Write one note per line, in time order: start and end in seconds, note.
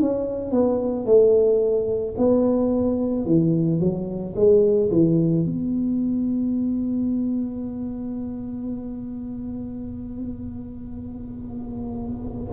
0.00 0.52 C#4
0.52 1.06 B3
1.06 2.15 A3
2.18 3.26 B3
3.26 3.80 E3
3.80 4.35 F#3
4.36 4.90 G#3
4.91 5.46 E3
5.46 12.53 B3